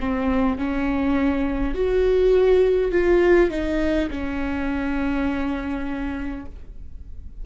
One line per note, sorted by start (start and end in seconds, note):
0.00 0.58 C4
0.58 1.75 C#4
1.75 2.92 F#4
2.92 3.51 F4
3.51 4.10 D#4
4.11 6.46 C#4